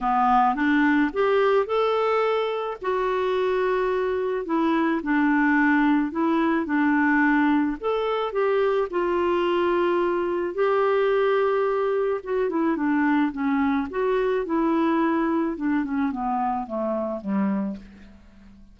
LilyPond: \new Staff \with { instrumentName = "clarinet" } { \time 4/4 \tempo 4 = 108 b4 d'4 g'4 a'4~ | a'4 fis'2. | e'4 d'2 e'4 | d'2 a'4 g'4 |
f'2. g'4~ | g'2 fis'8 e'8 d'4 | cis'4 fis'4 e'2 | d'8 cis'8 b4 a4 g4 | }